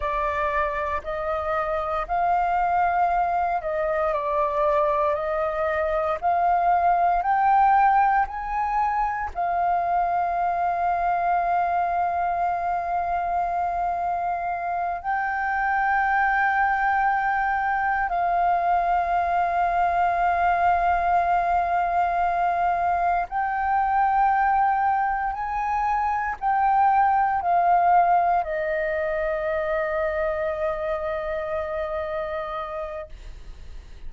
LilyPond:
\new Staff \with { instrumentName = "flute" } { \time 4/4 \tempo 4 = 58 d''4 dis''4 f''4. dis''8 | d''4 dis''4 f''4 g''4 | gis''4 f''2.~ | f''2~ f''8 g''4.~ |
g''4. f''2~ f''8~ | f''2~ f''8 g''4.~ | g''8 gis''4 g''4 f''4 dis''8~ | dis''1 | }